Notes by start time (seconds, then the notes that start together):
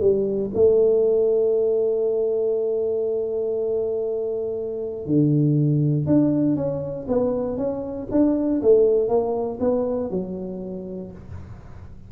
0.00 G3
0.54 A3
5.06 D3
6.06 D4
6.55 C#4
7.08 B3
7.57 C#4
8.11 D4
8.61 A3
9.08 A#3
9.60 B3
10.10 F#3